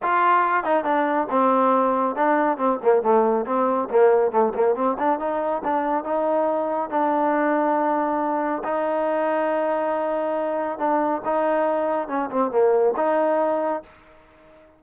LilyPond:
\new Staff \with { instrumentName = "trombone" } { \time 4/4 \tempo 4 = 139 f'4. dis'8 d'4 c'4~ | c'4 d'4 c'8 ais8 a4 | c'4 ais4 a8 ais8 c'8 d'8 | dis'4 d'4 dis'2 |
d'1 | dis'1~ | dis'4 d'4 dis'2 | cis'8 c'8 ais4 dis'2 | }